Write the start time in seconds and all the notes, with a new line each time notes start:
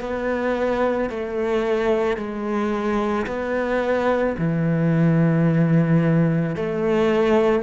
0.00 B3
1.09 A3
2.17 G#3
3.26 B3
4.38 E3
6.55 A3